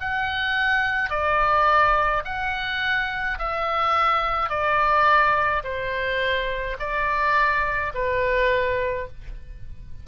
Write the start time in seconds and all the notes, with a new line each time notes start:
0.00 F#5
1.10 D5
2.25 F#5
3.39 E5
4.50 D5
5.64 C5
6.80 D5
7.95 B4